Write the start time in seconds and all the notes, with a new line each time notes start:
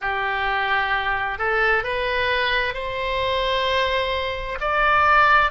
0.01 G4
1.38 A4
1.83 B4
2.74 C5
4.60 D5